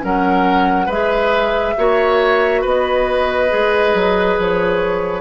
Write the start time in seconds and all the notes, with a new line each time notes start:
0.00 F#3 C#4 A#4 F#5
0.86 G#3 G#4 B4 E5
1.77 A#3 F#4 C#5
2.61 B3 B4 D#5
3.49 G#3 G#4
3.94 F#3
4.38 F3 C#5